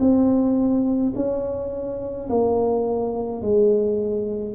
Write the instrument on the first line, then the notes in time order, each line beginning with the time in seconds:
tuba
0.00 C4
1.16 C#4
2.30 A#3
3.42 G#3